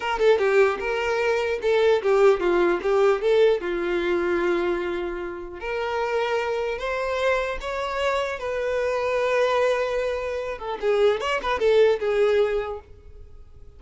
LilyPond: \new Staff \with { instrumentName = "violin" } { \time 4/4 \tempo 4 = 150 ais'8 a'8 g'4 ais'2 | a'4 g'4 f'4 g'4 | a'4 f'2.~ | f'2 ais'2~ |
ais'4 c''2 cis''4~ | cis''4 b'2.~ | b'2~ b'8 a'8 gis'4 | cis''8 b'8 a'4 gis'2 | }